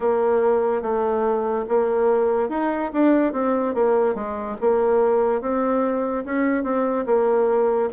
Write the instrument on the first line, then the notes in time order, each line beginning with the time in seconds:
bassoon
0.00 A#3
0.81 A3
1.68 A#3
2.49 D#4
2.93 D4
3.33 C4
3.74 A#3
4.14 G#3
4.60 A#3
5.41 C4
6.25 C#4
6.63 C4
7.06 A#3